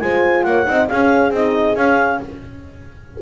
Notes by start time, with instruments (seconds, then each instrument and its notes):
0.00 double bass G#3, horn F4 C5, clarinet G#5
0.43 double bass A#3, horn C#5, clarinet F#5
0.65 double bass C4, horn D#4 D#5
0.87 horn C#4 G#4, double bass C#4, clarinet F5
1.30 double bass C4, horn D#4, clarinet D#5
1.75 double bass C#4, horn C#4, clarinet F5